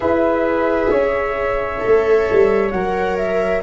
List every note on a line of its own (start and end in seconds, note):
0.00 0.89 E4
0.00 1.78 G#4
0.00 0.90 B4
0.00 2.71 E5
0.89 1.80 C#4
0.89 3.62 C#5
1.78 2.69 A4
1.85 2.31 A3
2.32 2.72 G3
2.71 3.62 F#3
2.71 3.62 A#4
2.71 3.16 F#5
3.16 3.62 E5